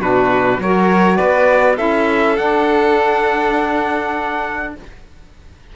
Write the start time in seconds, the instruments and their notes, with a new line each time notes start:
0.00 cello B2, saxophone D4, violin F#4, trumpet B4
0.59 cello F#3, saxophone F#4, violin A#4, trumpet C#5
1.17 cello B3, violin B4, trumpet D5
1.76 cello C#4, saxophone E4, violin A4, trumpet E5
2.37 saxophone D4, cello D4, trumpet F#5